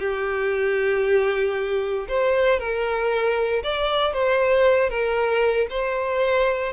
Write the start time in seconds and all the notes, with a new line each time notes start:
0.00 G4
2.09 C5
2.60 A#4
3.63 D5
4.13 C5
4.90 A#4
5.70 C5